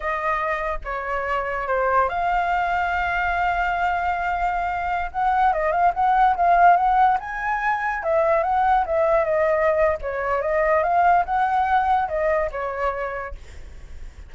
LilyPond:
\new Staff \with { instrumentName = "flute" } { \time 4/4 \tempo 4 = 144 dis''2 cis''2 | c''4 f''2.~ | f''1~ | f''16 fis''4 dis''8 f''8 fis''4 f''8.~ |
f''16 fis''4 gis''2 e''8.~ | e''16 fis''4 e''4 dis''4.~ dis''16 | cis''4 dis''4 f''4 fis''4~ | fis''4 dis''4 cis''2 | }